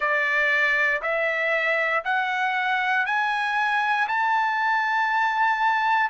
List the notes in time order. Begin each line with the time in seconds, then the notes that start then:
0.00 D5
1.02 E5
2.04 F#5
3.06 G#5
4.07 A5